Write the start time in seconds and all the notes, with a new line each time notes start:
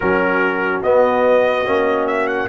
0.00 F#3 C#4 F#4 A#4
0.82 B3 D#5
1.65 A#3 C#4
2.07 E5
2.27 F#5